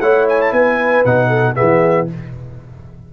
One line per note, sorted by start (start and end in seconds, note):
0.00 0.51 A3
0.00 1.05 E4
0.00 0.53 C#5
0.00 0.26 F#5
0.28 0.41 G#5
0.41 0.52 A5
0.51 1.04 B3
0.51 1.28 B4
0.51 1.04 G#5
1.05 1.57 B2
1.05 1.55 D#4
1.05 1.55 F#5
1.28 1.54 A4
1.55 2.13 E3
1.55 2.07 B3
1.55 2.08 G#4
1.55 2.07 E5